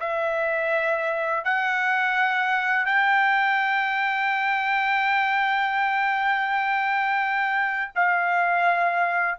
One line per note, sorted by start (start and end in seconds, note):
0.00 1.44 E5
1.44 2.86 F#5
2.86 7.92 G5
7.95 9.38 F5